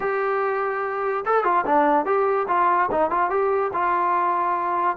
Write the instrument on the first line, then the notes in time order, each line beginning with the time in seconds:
trombone
0.00 G4
1.25 A4
1.44 F4
1.66 D4
2.05 G4
2.48 F4
2.91 D#4
3.10 F4
3.30 G4
3.73 F4